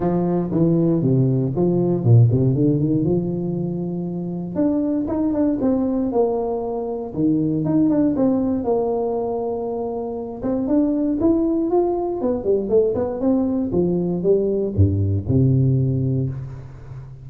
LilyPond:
\new Staff \with { instrumentName = "tuba" } { \time 4/4 \tempo 4 = 118 f4 e4 c4 f4 | ais,8 c8 d8 dis8 f2~ | f4 d'4 dis'8 d'8 c'4 | ais2 dis4 dis'8 d'8 |
c'4 ais2.~ | ais8 c'8 d'4 e'4 f'4 | b8 g8 a8 b8 c'4 f4 | g4 g,4 c2 | }